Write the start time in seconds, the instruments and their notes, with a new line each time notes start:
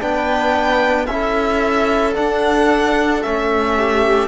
0.00 cello B3, trombone D4, viola B4, violin G5
1.06 cello C#4, trombone E4, viola A4, violin E5
2.14 trombone D4, cello D4, violin F#5
3.22 cello A3, trombone C#4, violin E5
3.77 viola G4